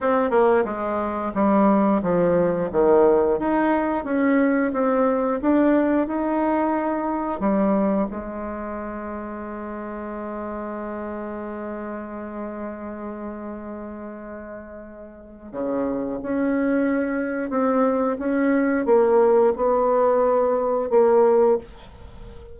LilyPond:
\new Staff \with { instrumentName = "bassoon" } { \time 4/4 \tempo 4 = 89 c'8 ais8 gis4 g4 f4 | dis4 dis'4 cis'4 c'4 | d'4 dis'2 g4 | gis1~ |
gis1~ | gis2. cis4 | cis'2 c'4 cis'4 | ais4 b2 ais4 | }